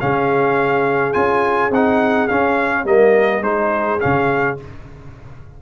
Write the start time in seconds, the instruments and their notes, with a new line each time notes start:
0.00 tuba C#3, trombone C#4, horn G#4, trumpet F5
1.13 tuba C#4, trombone F4, trumpet G#5
1.70 tuba C4, trombone D#4, trumpet F#5
2.28 trombone C#4, tuba C#4, trumpet F5
2.84 tuba G3, trombone A#3, horn A#4, trumpet D#5
3.41 tuba G#3, trombone D#4, horn G#4, trumpet C5
4.00 tuba C#3, trombone C#4, trumpet F5